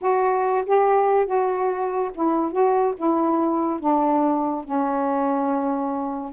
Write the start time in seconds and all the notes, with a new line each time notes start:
0.01 F#4
0.66 G4
1.26 F#4
2.14 E4
2.52 F#4
2.97 E4
3.80 D4
4.64 C#4